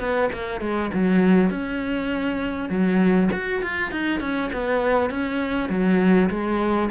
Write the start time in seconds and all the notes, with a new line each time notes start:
0.00 B3
0.33 A#3
0.61 G#3
0.94 F#3
1.50 C#4
2.70 F#3
3.32 F#4
3.62 F4
3.92 D#4
4.21 C#4
4.53 B3
5.11 C#4
5.70 F#3
6.30 G#3